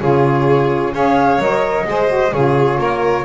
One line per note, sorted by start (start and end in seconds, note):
0.00 0.94 C#3
0.00 0.93 F4
0.00 0.94 G#4
0.00 0.95 C#5
0.94 1.39 C#4
0.94 1.40 G#4
0.94 1.87 C#5
0.94 1.41 F5
1.39 1.85 F#3
1.39 1.86 A#4
1.39 2.33 D#5
1.86 2.33 G#3
1.86 2.08 G#4
1.86 2.34 C5
2.08 2.31 F#4
2.33 2.79 C#3
2.33 3.25 F4
2.33 2.80 G#4
2.33 3.25 C#5
2.79 3.25 A#3
2.79 3.25 A#4